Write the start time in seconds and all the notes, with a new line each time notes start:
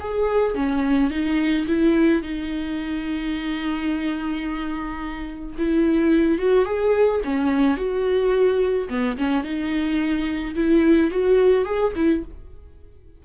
0.00 G#4
0.55 C#4
1.10 D#4
1.67 E4
2.22 D#4
5.58 E4
6.38 F#4
6.65 G#4
7.24 C#4
7.77 F#4
8.89 B3
9.17 C#4
9.44 D#4
10.55 E4
11.11 F#4
11.65 G#4
11.96 E4